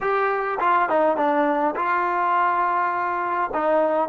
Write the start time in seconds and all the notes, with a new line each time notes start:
0.00 G4
0.60 F4
0.89 D#4
1.16 D4
1.75 F4
3.54 D#4